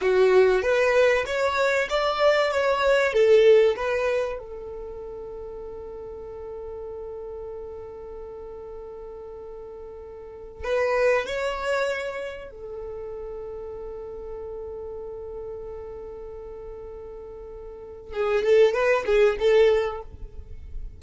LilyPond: \new Staff \with { instrumentName = "violin" } { \time 4/4 \tempo 4 = 96 fis'4 b'4 cis''4 d''4 | cis''4 a'4 b'4 a'4~ | a'1~ | a'1~ |
a'4 b'4 cis''2 | a'1~ | a'1~ | a'4 gis'8 a'8 b'8 gis'8 a'4 | }